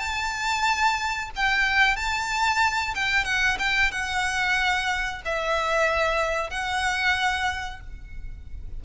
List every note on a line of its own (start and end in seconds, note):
0.00 1.30 A5
1.36 1.97 G5
1.97 2.94 A5
2.96 3.25 G5
3.25 3.58 F#5
3.59 3.92 G5
3.92 5.22 F#5
5.25 6.51 E5
6.51 7.81 F#5